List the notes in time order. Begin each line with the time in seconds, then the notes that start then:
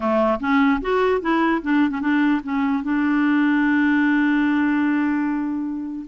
0.00 A3
0.40 C#4
0.81 F#4
1.21 E4
1.62 D4
1.90 C#4
2.00 D4
2.43 C#4
2.83 D4